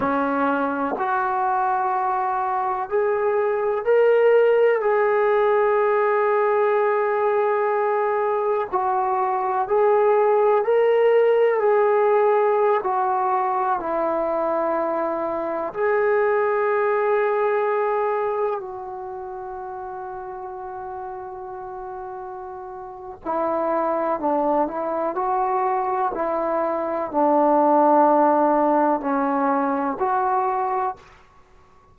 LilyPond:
\new Staff \with { instrumentName = "trombone" } { \time 4/4 \tempo 4 = 62 cis'4 fis'2 gis'4 | ais'4 gis'2.~ | gis'4 fis'4 gis'4 ais'4 | gis'4~ gis'16 fis'4 e'4.~ e'16~ |
e'16 gis'2. fis'8.~ | fis'1 | e'4 d'8 e'8 fis'4 e'4 | d'2 cis'4 fis'4 | }